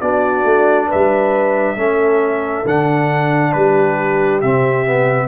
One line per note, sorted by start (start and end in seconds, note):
0.00 0.43 B3
0.00 1.76 D4
0.00 0.87 F#4
0.00 0.89 D5
0.43 0.87 A3
0.87 1.76 B4
0.87 2.67 E5
0.93 1.75 G3
1.75 2.64 A3
1.75 2.65 C#4
1.75 3.52 A4
2.65 3.53 D3
2.65 4.42 D4
2.65 3.52 F#5
3.52 4.42 G3
3.52 5.28 G4
3.52 4.40 B4
4.41 5.28 C3
4.41 4.85 C4
4.41 5.28 E5
4.85 5.28 B3